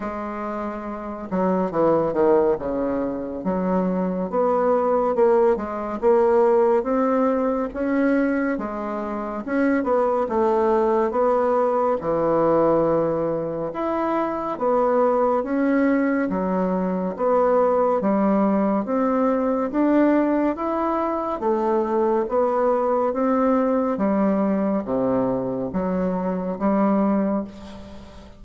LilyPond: \new Staff \with { instrumentName = "bassoon" } { \time 4/4 \tempo 4 = 70 gis4. fis8 e8 dis8 cis4 | fis4 b4 ais8 gis8 ais4 | c'4 cis'4 gis4 cis'8 b8 | a4 b4 e2 |
e'4 b4 cis'4 fis4 | b4 g4 c'4 d'4 | e'4 a4 b4 c'4 | g4 c4 fis4 g4 | }